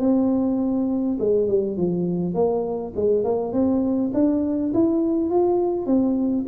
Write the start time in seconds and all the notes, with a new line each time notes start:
0.00 C4
1.20 G#3
1.48 G3
1.77 F3
2.34 A#3
2.96 G#3
3.24 A#3
3.53 C4
4.14 D4
4.74 E4
5.30 F4
5.86 C4